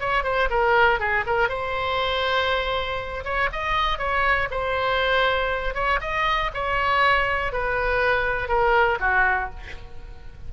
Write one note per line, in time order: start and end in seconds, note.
0.00 0.23 C#5
0.23 0.48 C5
0.50 0.99 A#4
0.99 1.24 G#4
1.26 1.49 A#4
1.49 3.24 C5
3.24 3.49 C#5
3.52 3.98 D#5
3.98 4.48 C#5
4.51 5.74 C5
5.74 5.99 C#5
6.00 6.50 D#5
6.54 7.52 C#5
7.52 8.48 B4
8.48 8.98 A#4
9.00 9.50 F#4